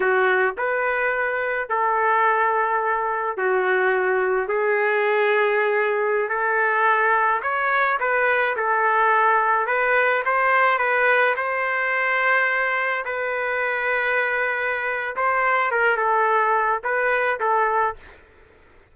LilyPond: \new Staff \with { instrumentName = "trumpet" } { \time 4/4 \tempo 4 = 107 fis'4 b'2 a'4~ | a'2 fis'2 | gis'2.~ gis'16 a'8.~ | a'4~ a'16 cis''4 b'4 a'8.~ |
a'4~ a'16 b'4 c''4 b'8.~ | b'16 c''2. b'8.~ | b'2. c''4 | ais'8 a'4. b'4 a'4 | }